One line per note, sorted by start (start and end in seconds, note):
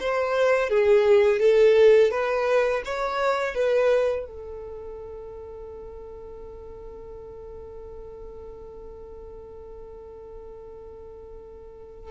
0.00 0.70 C5
0.70 1.40 G#4
1.40 2.11 A4
2.11 2.82 B4
2.85 3.55 C#5
3.55 4.26 B4
4.27 12.11 A4